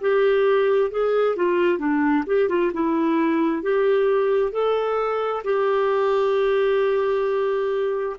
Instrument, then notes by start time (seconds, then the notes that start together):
clarinet
0.00 G4
0.90 G#4
1.36 F4
1.78 D4
2.26 G4
2.48 F4
2.73 E4
3.62 G4
4.52 A4
5.43 G4